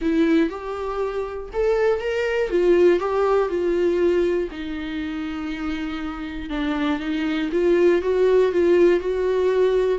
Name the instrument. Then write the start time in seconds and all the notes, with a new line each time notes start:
viola
0.01 E4
0.49 G4
1.52 A4
2.00 A#4
2.50 F4
2.99 G4
3.48 F4
4.51 D#4
6.49 D4
6.99 D#4
7.52 F4
8.01 F#4
8.52 F4
9.00 F#4